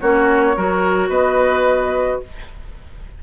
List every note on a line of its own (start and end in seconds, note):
0.00 0.57 A#3
0.00 0.56 C#4
0.00 0.56 F#4
0.00 1.10 C#5
0.56 1.09 F#3
0.56 2.23 F#4
0.56 1.09 A#4
1.09 2.20 B3
1.09 2.20 B4
1.09 2.21 D#5